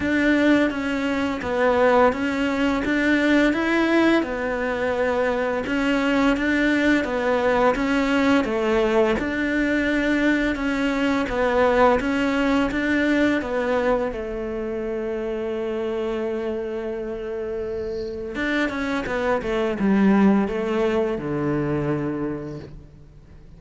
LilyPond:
\new Staff \with { instrumentName = "cello" } { \time 4/4 \tempo 4 = 85 d'4 cis'4 b4 cis'4 | d'4 e'4 b2 | cis'4 d'4 b4 cis'4 | a4 d'2 cis'4 |
b4 cis'4 d'4 b4 | a1~ | a2 d'8 cis'8 b8 a8 | g4 a4 d2 | }